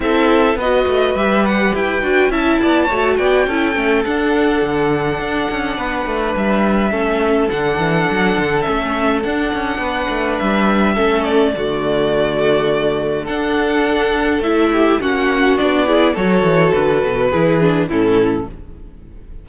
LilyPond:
<<
  \new Staff \with { instrumentName = "violin" } { \time 4/4 \tempo 4 = 104 e''4 dis''4 e''8 fis''8 g''4 | a''4. g''4. fis''4~ | fis''2. e''4~ | e''4 fis''2 e''4 |
fis''2 e''4. d''8~ | d''2. fis''4~ | fis''4 e''4 fis''4 d''4 | cis''4 b'2 a'4 | }
  \new Staff \with { instrumentName = "violin" } { \time 4/4 a'4 b'2. | e''8 d''8 cis''8 d''8 a'2~ | a'2 b'2 | a'1~ |
a'4 b'2 a'4 | fis'2. a'4~ | a'4. g'8 fis'4. gis'8 | a'2 gis'4 e'4 | }
  \new Staff \with { instrumentName = "viola" } { \time 4/4 e'4 fis'4 g'4. fis'8 | e'4 fis'4 e'8 cis'8 d'4~ | d'1 | cis'4 d'2 cis'4 |
d'2. cis'4 | a2. d'4~ | d'4 e'4 cis'4 d'8 e'8 | fis'2 e'8 d'8 cis'4 | }
  \new Staff \with { instrumentName = "cello" } { \time 4/4 c'4 b8 a8 g4 e'8 d'8 | cis'8 b8 a8 b8 cis'8 a8 d'4 | d4 d'8 cis'8 b8 a8 g4 | a4 d8 e8 fis8 d8 a4 |
d'8 cis'8 b8 a8 g4 a4 | d2. d'4~ | d'4 a4 ais4 b4 | fis8 e8 d8 b,8 e4 a,4 | }
>>